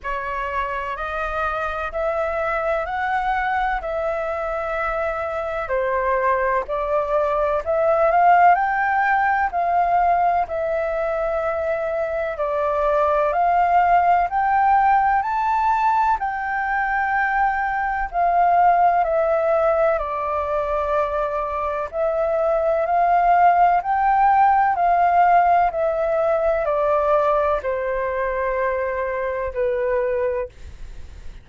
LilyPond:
\new Staff \with { instrumentName = "flute" } { \time 4/4 \tempo 4 = 63 cis''4 dis''4 e''4 fis''4 | e''2 c''4 d''4 | e''8 f''8 g''4 f''4 e''4~ | e''4 d''4 f''4 g''4 |
a''4 g''2 f''4 | e''4 d''2 e''4 | f''4 g''4 f''4 e''4 | d''4 c''2 b'4 | }